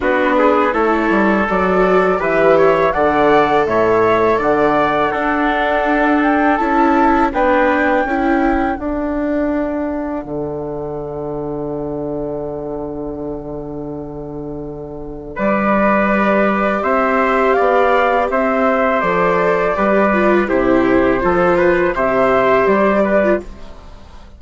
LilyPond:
<<
  \new Staff \with { instrumentName = "flute" } { \time 4/4 \tempo 4 = 82 b'4 cis''4 d''4 e''4 | fis''4 e''4 fis''2~ | fis''8 g''8 a''4 g''2 | fis''1~ |
fis''1~ | fis''4 d''2 e''4 | f''4 e''4 d''2 | c''2 e''4 d''4 | }
  \new Staff \with { instrumentName = "trumpet" } { \time 4/4 fis'8 gis'8 a'2 b'8 cis''8 | d''4 cis''4 d''4 a'4~ | a'2 b'4 a'4~ | a'1~ |
a'1~ | a'4 b'2 c''4 | d''4 c''2 b'4 | g'4 a'8 b'8 c''4. b'8 | }
  \new Staff \with { instrumentName = "viola" } { \time 4/4 d'4 e'4 fis'4 g'4 | a'2. d'4~ | d'4 e'4 d'4 e'4 | d'1~ |
d'1~ | d'2 g'2~ | g'2 a'4 g'8 f'8 | e'4 f'4 g'4.~ g'16 f'16 | }
  \new Staff \with { instrumentName = "bassoon" } { \time 4/4 b4 a8 g8 fis4 e4 | d4 a,4 d4 d'4~ | d'4 cis'4 b4 cis'4 | d'2 d2~ |
d1~ | d4 g2 c'4 | b4 c'4 f4 g4 | c4 f4 c4 g4 | }
>>